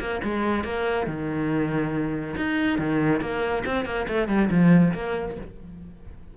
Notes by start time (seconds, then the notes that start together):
0.00 A#3
0.24 G#3
0.64 A#3
1.07 D#3
2.36 D#4
2.79 D#3
3.21 A#3
3.66 C4
3.85 A#3
4.08 A3
4.28 G3
4.50 F3
4.93 A#3